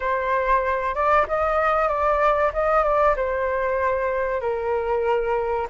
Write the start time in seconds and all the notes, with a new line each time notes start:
0.00 C5
0.94 D5
1.28 D#5
1.88 D5
2.53 D#5
2.83 D5
3.16 C5
4.40 A#4